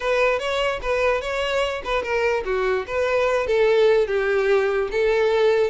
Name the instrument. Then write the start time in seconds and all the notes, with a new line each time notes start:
violin
0.00 B4
0.39 C#5
0.81 B4
1.21 C#5
1.84 B4
2.02 A#4
2.45 F#4
2.86 B4
3.47 A4
4.07 G4
4.91 A4